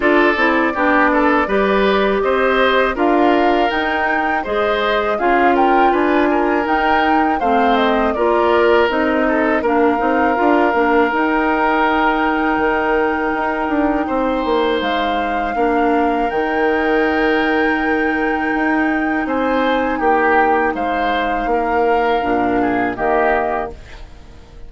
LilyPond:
<<
  \new Staff \with { instrumentName = "flute" } { \time 4/4 \tempo 4 = 81 d''2. dis''4 | f''4 g''4 dis''4 f''8 g''8 | gis''4 g''4 f''8 dis''8 d''4 | dis''4 f''2 g''4~ |
g''1 | f''2 g''2~ | g''2 gis''4 g''4 | f''2. dis''4 | }
  \new Staff \with { instrumentName = "oboe" } { \time 4/4 a'4 g'8 a'8 b'4 c''4 | ais'2 c''4 gis'8 ais'8 | b'8 ais'4. c''4 ais'4~ | ais'8 a'8 ais'2.~ |
ais'2. c''4~ | c''4 ais'2.~ | ais'2 c''4 g'4 | c''4 ais'4. gis'8 g'4 | }
  \new Staff \with { instrumentName = "clarinet" } { \time 4/4 f'8 e'8 d'4 g'2 | f'4 dis'4 gis'4 f'4~ | f'4 dis'4 c'4 f'4 | dis'4 d'8 dis'8 f'8 d'8 dis'4~ |
dis'1~ | dis'4 d'4 dis'2~ | dis'1~ | dis'2 d'4 ais4 | }
  \new Staff \with { instrumentName = "bassoon" } { \time 4/4 d'8 c'8 b4 g4 c'4 | d'4 dis'4 gis4 cis'4 | d'4 dis'4 a4 ais4 | c'4 ais8 c'8 d'8 ais8 dis'4~ |
dis'4 dis4 dis'8 d'8 c'8 ais8 | gis4 ais4 dis2~ | dis4 dis'4 c'4 ais4 | gis4 ais4 ais,4 dis4 | }
>>